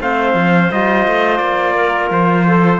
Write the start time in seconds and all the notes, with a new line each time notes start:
0.00 A3 C4 C5 F5
0.34 F3
0.71 G3 F4 D#5
1.07 A3
1.37 A#3 D5
1.75 A#4
2.10 F3 C5
2.46 A4